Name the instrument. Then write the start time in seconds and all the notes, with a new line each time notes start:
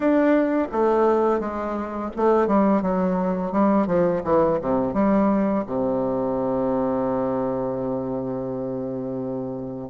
bassoon
0.00 D4
0.72 A3
1.40 G#3
2.16 A3
2.47 G3
2.82 F#3
3.52 G3
3.86 F3
4.24 E3
4.61 C3
4.93 G3
5.66 C3